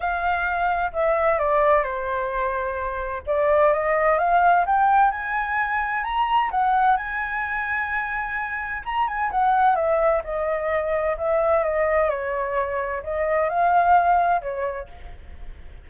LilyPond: \new Staff \with { instrumentName = "flute" } { \time 4/4 \tempo 4 = 129 f''2 e''4 d''4 | c''2. d''4 | dis''4 f''4 g''4 gis''4~ | gis''4 ais''4 fis''4 gis''4~ |
gis''2. ais''8 gis''8 | fis''4 e''4 dis''2 | e''4 dis''4 cis''2 | dis''4 f''2 cis''4 | }